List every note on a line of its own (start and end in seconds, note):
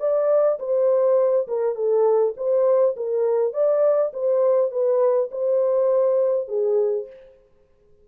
0.00 0.59 D5
0.60 1.48 C5
1.48 1.76 A#4
1.76 2.34 A4
2.37 2.96 C5
2.97 3.54 A#4
3.54 4.13 D5
4.14 4.72 C5
4.72 5.30 B4
5.32 6.48 C5
6.48 7.07 G#4